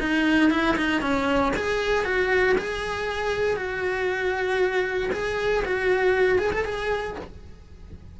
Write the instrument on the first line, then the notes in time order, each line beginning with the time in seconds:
cello
0.00 D#4
0.50 E4
0.77 D#4
1.01 C#4
1.56 G#4
2.04 F#4
2.58 G#4
3.56 F#4
5.12 G#4
5.65 F#4
6.38 G#4
6.52 A4
6.65 G#4